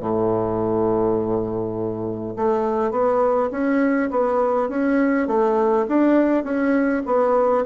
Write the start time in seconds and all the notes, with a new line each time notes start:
0.00 A2
2.37 A3
2.91 B3
3.51 C#4
4.11 B3
4.70 C#4
5.28 A3
5.88 D4
6.44 C#4
7.06 B3